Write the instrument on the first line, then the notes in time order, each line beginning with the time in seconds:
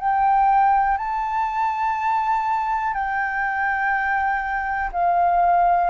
flute
0.00 G5
0.98 A5
2.94 G5
4.93 F5